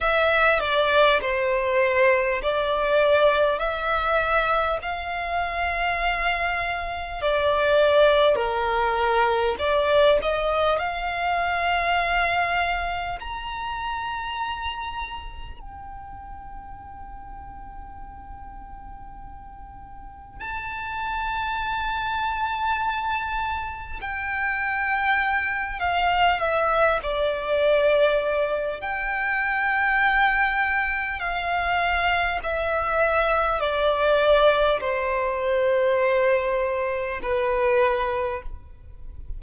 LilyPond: \new Staff \with { instrumentName = "violin" } { \time 4/4 \tempo 4 = 50 e''8 d''8 c''4 d''4 e''4 | f''2 d''4 ais'4 | d''8 dis''8 f''2 ais''4~ | ais''4 g''2.~ |
g''4 a''2. | g''4. f''8 e''8 d''4. | g''2 f''4 e''4 | d''4 c''2 b'4 | }